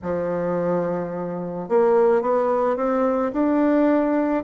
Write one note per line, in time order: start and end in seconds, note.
0.02 1.68 F3
1.68 2.21 A#3
2.21 2.76 B3
2.76 3.32 C4
3.33 4.44 D4